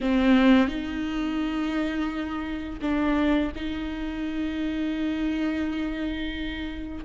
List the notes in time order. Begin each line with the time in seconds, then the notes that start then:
0.00 C4
0.68 D#4
2.81 D4
3.55 D#4